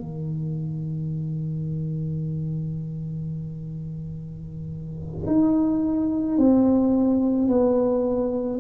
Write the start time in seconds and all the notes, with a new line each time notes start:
0.00 D#3
5.27 D#4
6.38 C4
7.48 B3